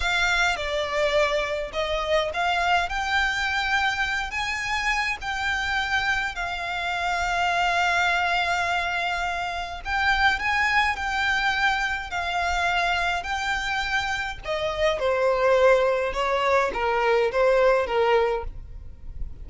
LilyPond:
\new Staff \with { instrumentName = "violin" } { \time 4/4 \tempo 4 = 104 f''4 d''2 dis''4 | f''4 g''2~ g''8 gis''8~ | gis''4 g''2 f''4~ | f''1~ |
f''4 g''4 gis''4 g''4~ | g''4 f''2 g''4~ | g''4 dis''4 c''2 | cis''4 ais'4 c''4 ais'4 | }